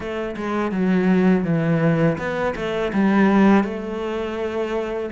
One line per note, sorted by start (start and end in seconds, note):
0.00 0.35 A3
0.36 0.71 G#3
0.71 1.44 F#3
1.44 2.17 E3
2.18 2.54 B3
2.55 2.92 A3
2.93 3.64 G3
3.64 5.10 A3